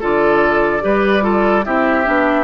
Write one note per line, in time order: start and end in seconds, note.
0.00 0.83 D3
0.00 0.80 F4
0.00 0.82 A4
0.00 1.65 D5
0.80 1.66 G3
0.80 1.21 G4
0.80 1.23 B4
1.21 1.62 F4
1.21 1.64 A4
1.65 2.07 C4
1.65 2.04 E4
1.65 2.44 G4
1.65 2.44 E5
2.04 2.44 B3
2.04 2.44 D4